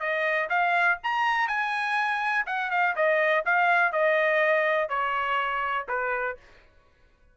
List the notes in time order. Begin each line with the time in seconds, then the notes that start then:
0.00 D#5
0.49 F5
1.03 A#5
1.48 G#5
2.46 F#5
2.71 F5
2.96 D#5
3.45 F5
3.92 D#5
4.89 C#5
5.88 B4